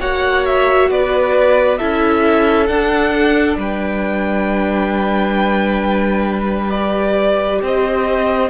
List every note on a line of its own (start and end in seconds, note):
0.00 0.90 A#3
0.00 1.79 F#4
0.00 0.90 C#5
0.00 0.45 F#5
0.45 0.90 E5
0.90 1.79 B3
0.90 1.78 B4
0.90 1.78 D5
1.78 2.69 C#4
1.78 2.67 E4
1.78 3.57 A4
1.78 2.67 E5
2.67 6.70 D4
2.67 3.57 D4
2.67 3.56 F#5
3.57 7.60 G3
3.57 7.62 B4
3.57 6.70 G5
6.70 8.50 G4
6.70 7.59 D5
7.62 8.50 C4
7.62 8.50 C5
7.62 8.50 D#5